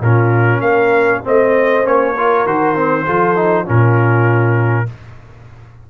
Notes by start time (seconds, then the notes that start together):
0.00 A#2 C#4 F4 A#4
0.60 A#3 A#4 F5
1.24 A3 C4 C5 D#5
1.83 A#3 C#4 C#5
2.13 F4 A#4
2.45 D#3 F#4 C5
2.75 C4
3.05 F3 F4 A4
3.36 D#4
3.65 A#2 C#4 F4 A#4